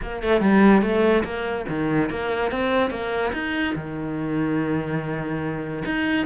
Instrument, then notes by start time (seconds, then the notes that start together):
cello
0.02 A#3
0.23 A3
0.41 G3
0.82 A3
1.23 A#3
1.69 D#3
2.09 A#3
2.51 C4
2.90 A#3
3.32 D#4
3.75 D#3
5.85 D#4